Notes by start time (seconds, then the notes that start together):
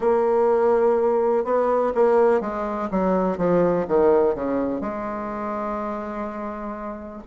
0.00 A#3
1.44 B3
1.94 A#3
2.41 G#3
2.90 F#3
3.37 F3
3.88 D#3
4.34 C#3
4.80 G#3